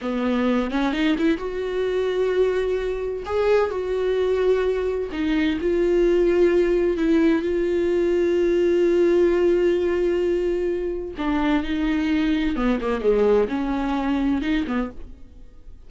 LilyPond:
\new Staff \with { instrumentName = "viola" } { \time 4/4 \tempo 4 = 129 b4. cis'8 dis'8 e'8 fis'4~ | fis'2. gis'4 | fis'2. dis'4 | f'2. e'4 |
f'1~ | f'1 | d'4 dis'2 b8 ais8 | gis4 cis'2 dis'8 b8 | }